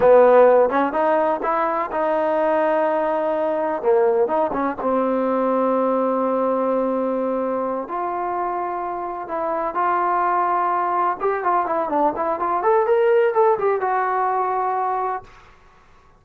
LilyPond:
\new Staff \with { instrumentName = "trombone" } { \time 4/4 \tempo 4 = 126 b4. cis'8 dis'4 e'4 | dis'1 | ais4 dis'8 cis'8 c'2~ | c'1~ |
c'8 f'2. e'8~ | e'8 f'2. g'8 | f'8 e'8 d'8 e'8 f'8 a'8 ais'4 | a'8 g'8 fis'2. | }